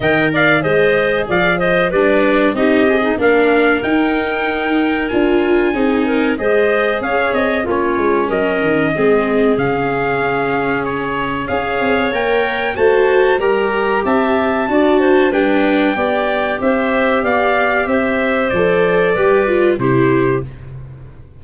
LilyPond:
<<
  \new Staff \with { instrumentName = "trumpet" } { \time 4/4 \tempo 4 = 94 g''8 f''8 dis''4 f''8 dis''8 d''4 | dis''4 f''4 g''2 | gis''2 dis''4 f''8 dis''8 | cis''4 dis''2 f''4~ |
f''4 cis''4 f''4 g''4 | a''4 ais''4 a''2 | g''2 e''4 f''4 | e''4 d''2 c''4 | }
  \new Staff \with { instrumentName = "clarinet" } { \time 4/4 dis''8 d''8 c''4 d''8 c''8 b'4 | g'8. dis'16 ais'2.~ | ais'4 gis'8 ais'8 c''4 cis''4 | f'4 ais'4 gis'2~ |
gis'2 cis''2 | c''4 ais'4 e''4 d''8 c''8 | b'4 d''4 c''4 d''4 | c''2 b'4 g'4 | }
  \new Staff \with { instrumentName = "viola" } { \time 4/4 ais'4 gis'2 d'4 | dis'8 gis'8 d'4 dis'2 | f'4 dis'4 gis'2 | cis'2 c'4 cis'4~ |
cis'2 gis'4 ais'4 | fis'4 g'2 fis'4 | d'4 g'2.~ | g'4 a'4 g'8 f'8 e'4 | }
  \new Staff \with { instrumentName = "tuba" } { \time 4/4 dis4 gis4 f4 g4 | c'4 ais4 dis'2 | d'4 c'4 gis4 cis'8 c'8 | ais8 gis8 fis8 dis8 gis4 cis4~ |
cis2 cis'8 c'8 ais4 | a4 g4 c'4 d'4 | g4 b4 c'4 b4 | c'4 f4 g4 c4 | }
>>